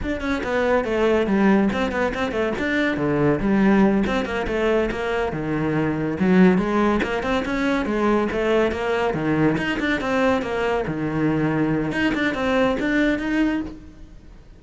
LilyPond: \new Staff \with { instrumentName = "cello" } { \time 4/4 \tempo 4 = 141 d'8 cis'8 b4 a4 g4 | c'8 b8 c'8 a8 d'4 d4 | g4. c'8 ais8 a4 ais8~ | ais8 dis2 fis4 gis8~ |
gis8 ais8 c'8 cis'4 gis4 a8~ | a8 ais4 dis4 dis'8 d'8 c'8~ | c'8 ais4 dis2~ dis8 | dis'8 d'8 c'4 d'4 dis'4 | }